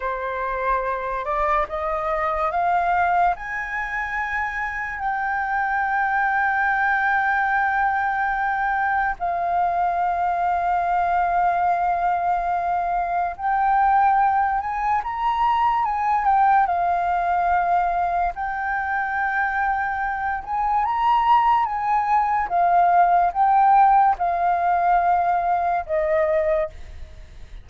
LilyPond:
\new Staff \with { instrumentName = "flute" } { \time 4/4 \tempo 4 = 72 c''4. d''8 dis''4 f''4 | gis''2 g''2~ | g''2. f''4~ | f''1 |
g''4. gis''8 ais''4 gis''8 g''8 | f''2 g''2~ | g''8 gis''8 ais''4 gis''4 f''4 | g''4 f''2 dis''4 | }